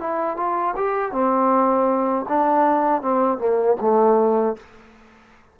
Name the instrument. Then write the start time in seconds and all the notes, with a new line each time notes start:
trombone
0.00 E4
0.37 F4
0.76 G4
1.12 C4
2.29 D4
3.02 C4
3.38 A#3
3.81 A3